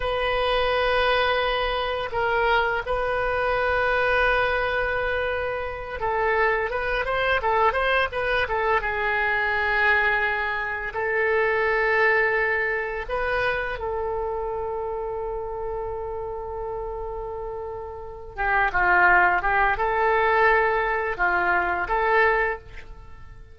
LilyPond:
\new Staff \with { instrumentName = "oboe" } { \time 4/4 \tempo 4 = 85 b'2. ais'4 | b'1~ | b'8 a'4 b'8 c''8 a'8 c''8 b'8 | a'8 gis'2. a'8~ |
a'2~ a'8 b'4 a'8~ | a'1~ | a'2 g'8 f'4 g'8 | a'2 f'4 a'4 | }